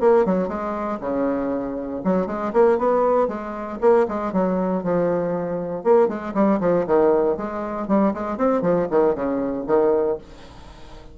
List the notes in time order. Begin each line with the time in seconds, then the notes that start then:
0.00 A#3
0.25 F#3
0.48 G#3
1.00 C#3
2.04 F#3
2.27 G#3
2.53 A#3
2.78 B3
3.28 G#3
3.81 A#3
4.08 G#3
4.32 F#3
4.83 F3
5.83 A#3
6.08 G#3
6.34 G3
6.60 F3
6.86 D#3
7.37 G#3
7.88 G3
8.14 G#3
8.37 C4
8.62 F3
8.90 D#3
9.15 C#3
9.67 D#3